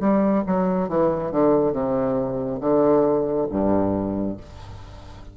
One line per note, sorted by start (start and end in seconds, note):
0.00 0.43 G3
0.47 0.89 F#3
0.89 1.32 E3
1.32 1.73 D3
1.73 2.60 C3
2.60 3.47 D3
3.51 4.38 G2